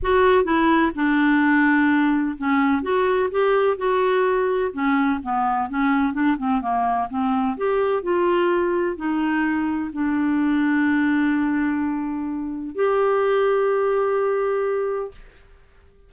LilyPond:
\new Staff \with { instrumentName = "clarinet" } { \time 4/4 \tempo 4 = 127 fis'4 e'4 d'2~ | d'4 cis'4 fis'4 g'4 | fis'2 cis'4 b4 | cis'4 d'8 c'8 ais4 c'4 |
g'4 f'2 dis'4~ | dis'4 d'2.~ | d'2. g'4~ | g'1 | }